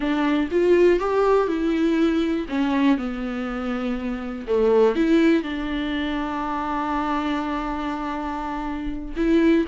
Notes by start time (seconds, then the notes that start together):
0.00 D4
0.51 F4
0.99 G4
1.47 E4
2.48 C#4
2.97 B3
4.47 A3
4.95 E4
5.43 D4
9.16 E4